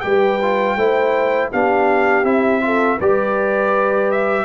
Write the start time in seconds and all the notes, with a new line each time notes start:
0.00 G3 G4 B4 G5
0.42 F4
0.76 A3 E4 C5
1.50 B3 D4 G4 F5
2.23 C4 E4 E5
2.60 F4 A4
2.97 G3 G4 B4 D5
4.11 E5